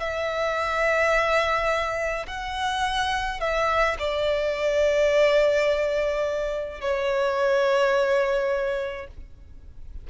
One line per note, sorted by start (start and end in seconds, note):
0.00 2.26 E5
2.27 3.41 F#5
3.41 3.97 E5
3.99 6.81 D5
6.81 9.08 C#5